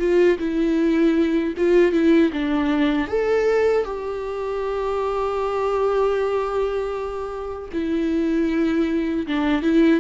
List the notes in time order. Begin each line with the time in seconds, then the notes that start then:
0.00 F4
0.39 E4
1.57 F4
1.93 E4
2.33 D4
3.08 A4
3.85 G4
7.73 E4
9.28 D4
9.63 E4